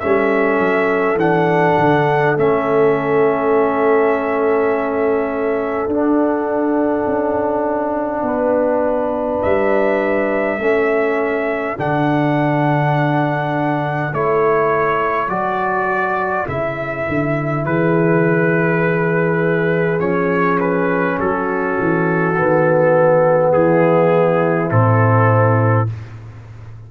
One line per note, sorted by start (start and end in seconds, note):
0.00 0.60 G3
0.00 1.18 C#4
0.00 8.25 A4
0.00 1.18 E5
0.60 1.15 F#3
1.15 1.74 E3
1.15 2.37 D4
1.15 2.37 F#5
1.78 2.37 D3
2.37 5.87 A3
2.37 5.90 C#4
2.37 5.90 E5
5.87 7.05 D4
5.87 10.60 D4
5.87 9.43 F#5
7.07 8.22 C#4
8.22 9.40 B3
8.22 10.60 B4
9.43 10.58 G3
9.43 11.78 E5
10.58 11.75 A3
10.58 11.77 C#4
10.58 17.66 A4
11.77 14.13 D3
11.77 14.13 D4
11.77 14.14 F#5
14.13 15.28 A3
14.13 15.30 E4
14.13 15.29 C#5
15.28 16.46 F#3
15.28 16.47 F#4
15.28 16.47 D5
16.47 17.07 C#3
16.47 20.00 E4
16.47 17.66 E5
17.09 17.66 D3
17.66 20.00 E3
17.66 21.20 G#4
17.66 20.00 B4
20.00 21.18 F3
20.00 22.35 C#4
20.00 20.59 C#5
20.60 21.19 B4
21.19 21.77 F#3
21.19 23.56 F#4
21.19 23.53 A4
21.80 22.37 E3
22.37 23.54 D#3
22.37 24.70 B3
23.53 24.72 E3
23.53 25.91 E4
23.53 24.71 G#4
24.70 25.89 A2
24.70 25.87 C4
24.70 25.89 A4